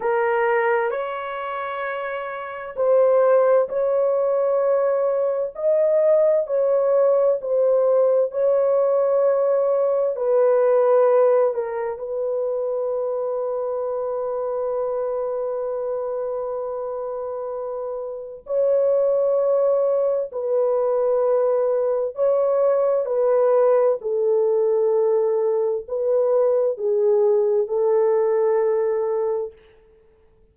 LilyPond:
\new Staff \with { instrumentName = "horn" } { \time 4/4 \tempo 4 = 65 ais'4 cis''2 c''4 | cis''2 dis''4 cis''4 | c''4 cis''2 b'4~ | b'8 ais'8 b'2.~ |
b'1 | cis''2 b'2 | cis''4 b'4 a'2 | b'4 gis'4 a'2 | }